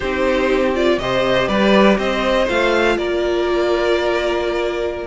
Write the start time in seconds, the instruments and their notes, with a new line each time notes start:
0.00 cello C4, viola D#4, violin G4 C5
0.74 viola F4, violin D5
0.98 cello C3, viola G4, violin C5 D#5
1.47 cello G3, violin B4 D5
1.98 cello C4, violin C5 D#5
2.47 cello A3, viola F4, violin F5
2.97 cello A#3, violin A#4 D5